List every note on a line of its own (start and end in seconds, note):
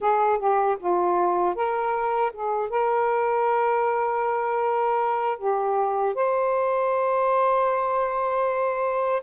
0.00 0.38 G#4
0.38 0.77 G4
0.79 1.55 F4
1.55 2.32 A#4
2.33 2.69 G#4
2.69 5.38 A#4
5.38 6.14 G4
6.14 9.22 C5